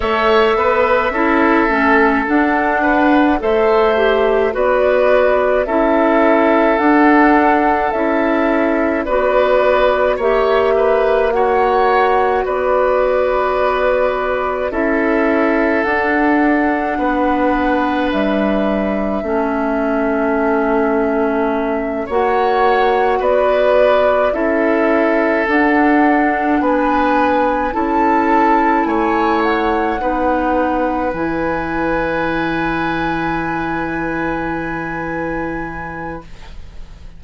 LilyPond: <<
  \new Staff \with { instrumentName = "flute" } { \time 4/4 \tempo 4 = 53 e''2 fis''4 e''4 | d''4 e''4 fis''4 e''4 | d''4 e''4 fis''4 d''4~ | d''4 e''4 fis''2 |
e''2.~ e''8 fis''8~ | fis''8 d''4 e''4 fis''4 gis''8~ | gis''8 a''4 gis''8 fis''4. gis''8~ | gis''1 | }
  \new Staff \with { instrumentName = "oboe" } { \time 4/4 cis''8 b'8 a'4. b'8 c''4 | b'4 a'2. | b'4 cis''8 b'8 cis''4 b'4~ | b'4 a'2 b'4~ |
b'4 a'2~ a'8 cis''8~ | cis''8 b'4 a'2 b'8~ | b'8 a'4 cis''4 b'4.~ | b'1 | }
  \new Staff \with { instrumentName = "clarinet" } { \time 4/4 a'4 e'8 cis'8 d'4 a'8 g'8 | fis'4 e'4 d'4 e'4 | fis'4 g'4 fis'2~ | fis'4 e'4 d'2~ |
d'4 cis'2~ cis'8 fis'8~ | fis'4. e'4 d'4.~ | d'8 e'2 dis'4 e'8~ | e'1 | }
  \new Staff \with { instrumentName = "bassoon" } { \time 4/4 a8 b8 cis'8 a8 d'4 a4 | b4 cis'4 d'4 cis'4 | b4 ais2 b4~ | b4 cis'4 d'4 b4 |
g4 a2~ a8 ais8~ | ais8 b4 cis'4 d'4 b8~ | b8 cis'4 a4 b4 e8~ | e1 | }
>>